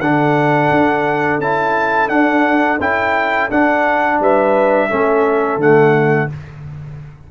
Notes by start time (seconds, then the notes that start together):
0.00 D3 D4 A4 F#5
0.70 D4
1.39 C#4 E4 A5
2.08 D4 F#5
2.80 C#4 E4 G5
3.50 D4 F#5
4.19 G3 B4 E5
4.90 A3 C#4 A4
5.56 D3 A3 F#5